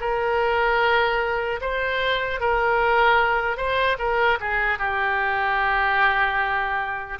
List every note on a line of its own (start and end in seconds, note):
0.00 1.60 A#4
1.61 2.40 C5
2.40 3.57 A#4
3.57 3.97 C5
3.99 4.39 A#4
4.40 4.79 G#4
4.79 7.19 G4